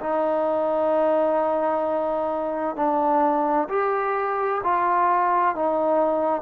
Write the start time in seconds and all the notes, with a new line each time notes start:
0.00 D#4
2.76 D4
3.69 G4
4.64 F4
5.56 D#4